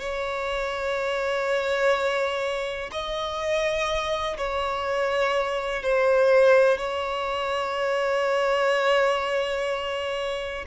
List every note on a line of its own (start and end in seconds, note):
0.00 2.90 C#5
2.92 4.37 D#5
4.37 5.82 C#5
5.82 6.78 C5
6.78 10.65 C#5